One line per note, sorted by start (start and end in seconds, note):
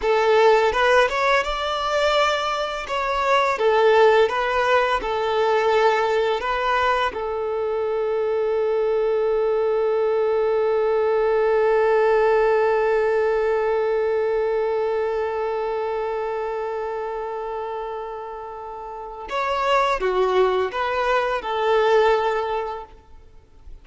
0.01 0.72 A4
0.72 1.08 B4
1.09 1.43 C#5
1.43 2.86 D5
2.87 3.58 C#5
3.58 4.29 A4
4.29 5.00 B4
5.01 6.40 A4
6.40 7.11 B4
7.13 19.28 A4
19.29 19.99 C#5
19.99 20.71 F#4
20.71 21.41 B4
21.41 22.84 A4